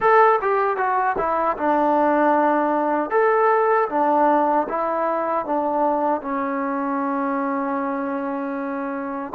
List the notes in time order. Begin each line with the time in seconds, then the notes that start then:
0.00 A4
0.41 G4
0.77 F#4
1.18 E4
1.57 D4
3.10 A4
3.89 D4
4.68 E4
5.45 D4
6.21 C#4